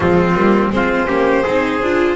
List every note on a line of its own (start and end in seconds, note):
0.00 0.34 F3
0.00 0.34 G#3
0.00 0.73 C4
0.00 0.71 F4
0.34 0.70 G3
0.34 0.71 A#3
0.71 1.08 G#3
0.71 1.06 C4
0.71 1.07 F4
0.71 2.16 C5
1.06 1.44 A#3
1.06 1.43 C#4
1.06 1.42 G4
1.42 1.82 C4
1.42 1.82 D#4
1.42 2.15 G#4
1.82 2.16 D4
1.82 2.16 F4